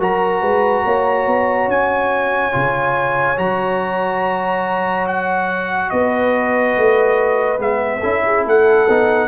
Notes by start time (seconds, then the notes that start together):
0.00 F#3 F#4 A#4 A#5
0.42 G#3 B4
0.85 A#3 C#5
1.27 B3
1.68 C#4 G#5
2.52 C#3 F4
3.37 F#3 F#4 A#5
5.08 F#5
5.90 B3 B4 D#5
6.77 A3
7.59 G#3 B3 E5
8.01 C#4 E4 A4
8.26 G#4
8.46 A3 A4 F#5
8.89 B3 D#4